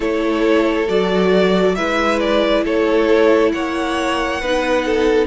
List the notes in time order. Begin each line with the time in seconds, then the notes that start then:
0.00 A3 E4 A4 C#5
0.88 F#3 F#4 D5
1.75 G#3 E4 B4 E5
2.19 D5
2.64 A3 A4 C#5
3.51 A#3 C#5 F#5
4.41 B3 D#4 B4
4.85 A4